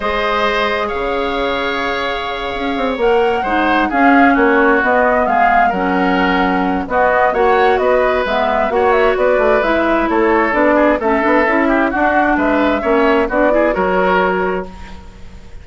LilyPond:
<<
  \new Staff \with { instrumentName = "flute" } { \time 4/4 \tempo 4 = 131 dis''2 f''2~ | f''2~ f''8 fis''4.~ | fis''8 f''4 cis''4 dis''4 f''8~ | f''8 fis''2~ fis''8 dis''4 |
fis''4 dis''4 e''4 fis''8 e''8 | d''4 e''4 cis''4 d''4 | e''2 fis''4 e''4~ | e''4 d''4 cis''2 | }
  \new Staff \with { instrumentName = "oboe" } { \time 4/4 c''2 cis''2~ | cis''2.~ cis''8 c''8~ | c''8 gis'4 fis'2 gis'8~ | gis'8 ais'2~ ais'8 fis'4 |
cis''4 b'2 cis''4 | b'2 a'4. gis'8 | a'4. g'8 fis'4 b'4 | cis''4 fis'8 gis'8 ais'2 | }
  \new Staff \with { instrumentName = "clarinet" } { \time 4/4 gis'1~ | gis'2~ gis'8 ais'4 dis'8~ | dis'8 cis'2 b4.~ | b8 cis'2~ cis'8 b4 |
fis'2 b4 fis'4~ | fis'4 e'2 d'4 | cis'8 d'8 e'4 d'2 | cis'4 d'8 e'8 fis'2 | }
  \new Staff \with { instrumentName = "bassoon" } { \time 4/4 gis2 cis2~ | cis4. cis'8 c'8 ais4 gis8~ | gis8 cis'4 ais4 b4 gis8~ | gis8 fis2~ fis8 b4 |
ais4 b4 gis4 ais4 | b8 a8 gis4 a4 b4 | a8 b8 cis'4 d'4 gis4 | ais4 b4 fis2 | }
>>